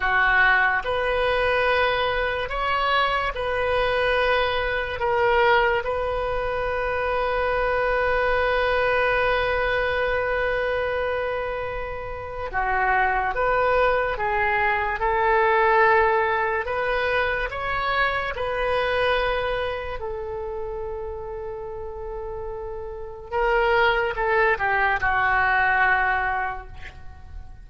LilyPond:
\new Staff \with { instrumentName = "oboe" } { \time 4/4 \tempo 4 = 72 fis'4 b'2 cis''4 | b'2 ais'4 b'4~ | b'1~ | b'2. fis'4 |
b'4 gis'4 a'2 | b'4 cis''4 b'2 | a'1 | ais'4 a'8 g'8 fis'2 | }